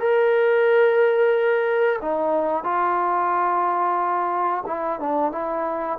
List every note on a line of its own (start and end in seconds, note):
0.00 2.00 A#4
2.02 2.64 D#4
2.64 4.64 F4
4.67 5.00 E4
5.00 5.32 D4
5.32 5.99 E4